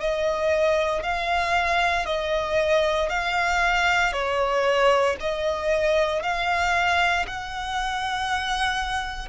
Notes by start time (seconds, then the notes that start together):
0.00 D#5
1.03 F5
2.06 D#5
3.09 F5
4.12 C#5
5.20 D#5
6.23 F5
7.27 F#5